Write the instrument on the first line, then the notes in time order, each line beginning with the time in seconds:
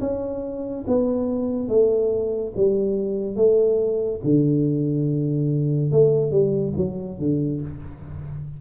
tuba
0.00 C#4
0.86 B3
1.68 A3
2.56 G3
3.35 A3
4.24 D3
5.91 A3
6.31 G3
6.76 F#3
7.18 D3